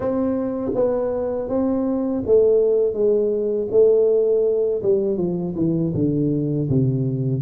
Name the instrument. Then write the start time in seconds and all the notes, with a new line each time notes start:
tuba
0.00 C4
0.74 B3
1.48 C4
2.26 A3
2.93 G#3
3.71 A3
4.82 G3
5.17 F3
5.55 E3
5.94 D3
6.69 C3